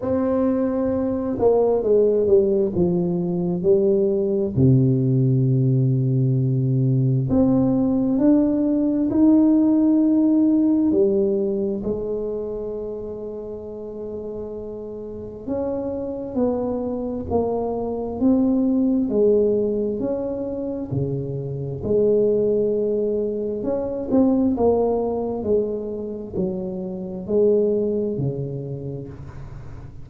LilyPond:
\new Staff \with { instrumentName = "tuba" } { \time 4/4 \tempo 4 = 66 c'4. ais8 gis8 g8 f4 | g4 c2. | c'4 d'4 dis'2 | g4 gis2.~ |
gis4 cis'4 b4 ais4 | c'4 gis4 cis'4 cis4 | gis2 cis'8 c'8 ais4 | gis4 fis4 gis4 cis4 | }